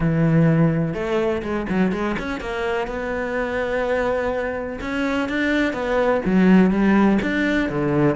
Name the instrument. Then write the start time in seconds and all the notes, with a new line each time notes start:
cello
0.00 E3
0.94 A3
1.42 G#3
1.69 F#3
1.92 G#3
2.18 C#4
2.40 A#3
2.87 B3
4.80 C#4
5.28 D4
5.73 B3
6.25 F#3
6.70 G3
7.22 D4
7.69 D3